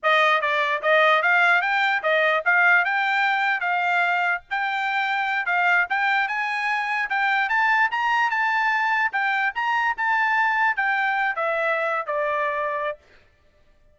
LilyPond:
\new Staff \with { instrumentName = "trumpet" } { \time 4/4 \tempo 4 = 148 dis''4 d''4 dis''4 f''4 | g''4 dis''4 f''4 g''4~ | g''4 f''2 g''4~ | g''4. f''4 g''4 gis''8~ |
gis''4. g''4 a''4 ais''8~ | ais''8 a''2 g''4 ais''8~ | ais''8 a''2 g''4. | e''4.~ e''16 d''2~ d''16 | }